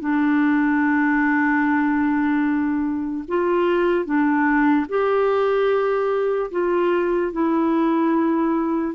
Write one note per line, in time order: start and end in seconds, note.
0.00 3.24 D4
3.28 4.05 F4
4.05 4.86 D4
4.88 6.50 G4
6.51 7.32 F4
7.32 8.94 E4